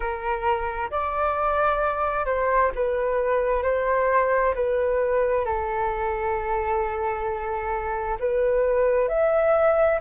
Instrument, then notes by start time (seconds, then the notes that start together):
flute
0.00 A#4
0.90 D5
2.25 C5
2.75 B4
3.62 C5
4.55 B4
5.45 A4
8.19 B4
9.08 E5